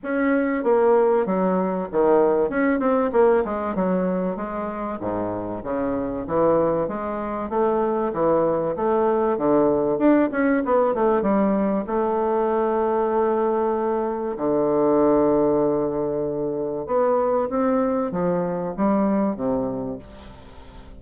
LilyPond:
\new Staff \with { instrumentName = "bassoon" } { \time 4/4 \tempo 4 = 96 cis'4 ais4 fis4 dis4 | cis'8 c'8 ais8 gis8 fis4 gis4 | gis,4 cis4 e4 gis4 | a4 e4 a4 d4 |
d'8 cis'8 b8 a8 g4 a4~ | a2. d4~ | d2. b4 | c'4 f4 g4 c4 | }